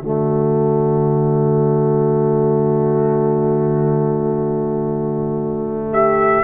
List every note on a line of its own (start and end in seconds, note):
0.00 6.43 D3
0.00 6.43 A3
0.00 5.92 F#4
0.00 5.92 D5
5.92 6.43 G4
5.92 6.43 E5